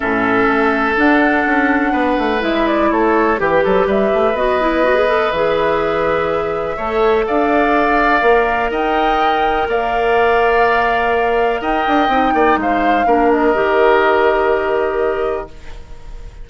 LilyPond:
<<
  \new Staff \with { instrumentName = "flute" } { \time 4/4 \tempo 4 = 124 e''2 fis''2~ | fis''4 e''8 d''8 cis''4 b'4 | e''4 dis''2 e''4~ | e''2. f''4~ |
f''2 g''2 | f''1 | g''2 f''4. dis''8~ | dis''1 | }
  \new Staff \with { instrumentName = "oboe" } { \time 4/4 a'1 | b'2 a'4 g'8 a'8 | b'1~ | b'2 cis''4 d''4~ |
d''2 dis''2 | d''1 | dis''4. d''8 c''4 ais'4~ | ais'1 | }
  \new Staff \with { instrumentName = "clarinet" } { \time 4/4 cis'2 d'2~ | d'4 e'2 g'4~ | g'4 fis'8 e'8 fis'16 gis'16 a'8 gis'4~ | gis'2 a'2~ |
a'4 ais'2.~ | ais'1~ | ais'4 dis'2 d'4 | g'1 | }
  \new Staff \with { instrumentName = "bassoon" } { \time 4/4 a,4 a4 d'4 cis'4 | b8 a8 gis4 a4 e8 fis8 | g8 a8 b2 e4~ | e2 a4 d'4~ |
d'4 ais4 dis'2 | ais1 | dis'8 d'8 c'8 ais8 gis4 ais4 | dis1 | }
>>